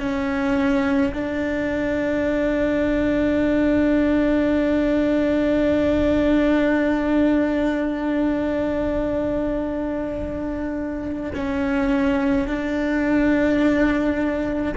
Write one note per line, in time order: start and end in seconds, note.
0.00 1.13 C#4
1.14 11.33 D4
11.34 12.47 C#4
12.47 14.74 D4